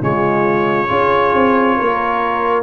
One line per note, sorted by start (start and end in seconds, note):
0.00 0.89 C#3
0.00 0.88 G#3
0.00 0.88 F4
0.00 2.63 C#5
0.88 1.34 C#4
0.88 2.63 F4
0.88 1.76 G#4
1.34 1.78 C4
1.76 2.63 A#3
1.76 2.63 A#4